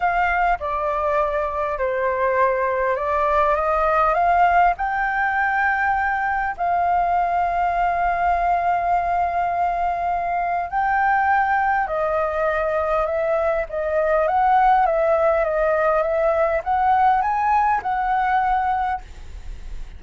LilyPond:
\new Staff \with { instrumentName = "flute" } { \time 4/4 \tempo 4 = 101 f''4 d''2 c''4~ | c''4 d''4 dis''4 f''4 | g''2. f''4~ | f''1~ |
f''2 g''2 | dis''2 e''4 dis''4 | fis''4 e''4 dis''4 e''4 | fis''4 gis''4 fis''2 | }